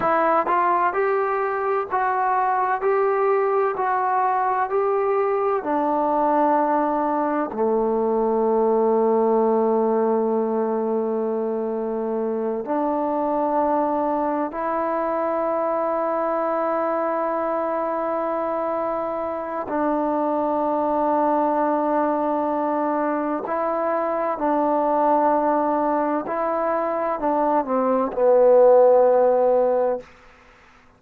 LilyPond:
\new Staff \with { instrumentName = "trombone" } { \time 4/4 \tempo 4 = 64 e'8 f'8 g'4 fis'4 g'4 | fis'4 g'4 d'2 | a1~ | a4. d'2 e'8~ |
e'1~ | e'4 d'2.~ | d'4 e'4 d'2 | e'4 d'8 c'8 b2 | }